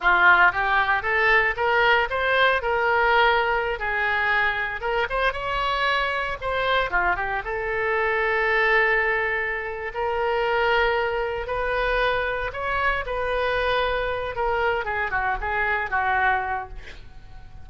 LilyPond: \new Staff \with { instrumentName = "oboe" } { \time 4/4 \tempo 4 = 115 f'4 g'4 a'4 ais'4 | c''4 ais'2~ ais'16 gis'8.~ | gis'4~ gis'16 ais'8 c''8 cis''4.~ cis''16~ | cis''16 c''4 f'8 g'8 a'4.~ a'16~ |
a'2. ais'4~ | ais'2 b'2 | cis''4 b'2~ b'8 ais'8~ | ais'8 gis'8 fis'8 gis'4 fis'4. | }